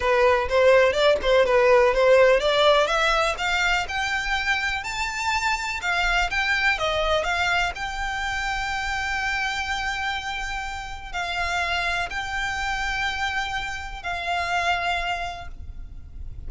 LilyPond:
\new Staff \with { instrumentName = "violin" } { \time 4/4 \tempo 4 = 124 b'4 c''4 d''8 c''8 b'4 | c''4 d''4 e''4 f''4 | g''2 a''2 | f''4 g''4 dis''4 f''4 |
g''1~ | g''2. f''4~ | f''4 g''2.~ | g''4 f''2. | }